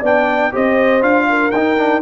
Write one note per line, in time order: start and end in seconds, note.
0.00 0.52 B3
0.00 0.52 D4
0.00 0.50 D5
0.00 0.55 G5
0.52 1.02 C4
0.52 1.02 G4
0.52 1.27 C5
0.52 1.03 D#5
1.02 1.52 D4
1.02 1.51 F4
1.02 1.51 F5
1.30 2.02 A#4
1.51 2.02 D#4
1.51 1.77 D#4
1.51 2.01 G5
1.77 2.01 D4